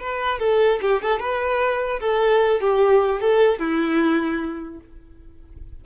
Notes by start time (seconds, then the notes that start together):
0.00 B4
0.40 A4
0.82 G4
1.02 A4
1.20 B4
2.00 A4
2.61 G4
3.21 A4
3.59 E4